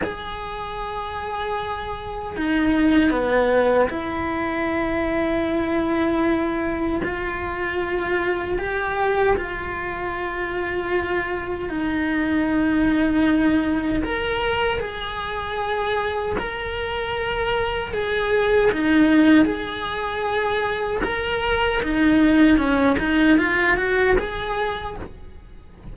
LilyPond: \new Staff \with { instrumentName = "cello" } { \time 4/4 \tempo 4 = 77 gis'2. dis'4 | b4 e'2.~ | e'4 f'2 g'4 | f'2. dis'4~ |
dis'2 ais'4 gis'4~ | gis'4 ais'2 gis'4 | dis'4 gis'2 ais'4 | dis'4 cis'8 dis'8 f'8 fis'8 gis'4 | }